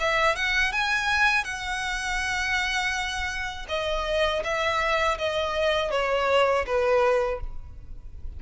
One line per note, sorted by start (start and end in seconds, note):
0.00 0.36 E5
0.36 0.72 F#5
0.72 1.44 G#5
1.44 3.67 F#5
3.69 4.43 D#5
4.44 5.18 E5
5.18 5.92 D#5
5.92 6.66 C#5
6.66 7.40 B4